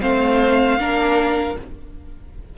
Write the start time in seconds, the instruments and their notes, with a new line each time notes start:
0.00 cello A3, viola C4, violin C5 F5
0.78 cello A#3, viola D4, violin A#4